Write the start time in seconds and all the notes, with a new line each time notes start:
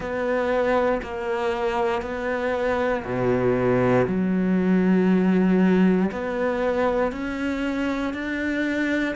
0.00 B3
1.02 A#3
2.02 B3
3.05 B2
4.07 F#3
6.11 B3
7.11 C#4
8.13 D4